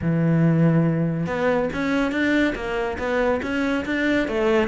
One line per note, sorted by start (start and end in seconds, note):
0.01 1.26 E3
1.26 1.69 B3
1.73 2.11 C#4
2.11 2.54 D4
2.55 2.97 A#3
2.98 3.40 B3
3.42 3.84 C#4
3.85 4.27 D4
4.28 4.68 A3